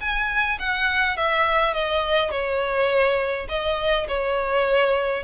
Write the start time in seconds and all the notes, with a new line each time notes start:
0.00 G#5
0.59 F#5
1.17 E5
1.73 D#5
2.31 C#5
3.49 D#5
4.08 C#5